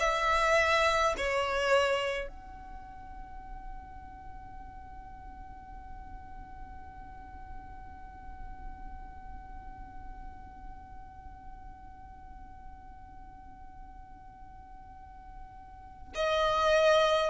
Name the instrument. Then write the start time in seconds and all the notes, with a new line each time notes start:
violin
0.00 E5
1.17 C#5
2.28 F#5
16.15 D#5